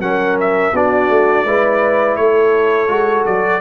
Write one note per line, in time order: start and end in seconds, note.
0.00 0.72 F#3
0.00 0.73 C#4
0.00 0.74 A#4
0.00 0.38 F#5
0.40 0.76 E5
0.73 1.09 B3
0.73 1.47 D4
0.73 1.46 F#4
0.73 2.17 D5
1.09 1.45 A3
1.45 2.17 G#3
1.45 2.89 E4
1.45 2.18 B4
2.17 2.89 A3
2.17 3.61 A4
2.17 3.25 C#5
2.89 3.25 G#3
2.89 3.61 F#4
3.26 3.61 F#3
3.26 3.61 D5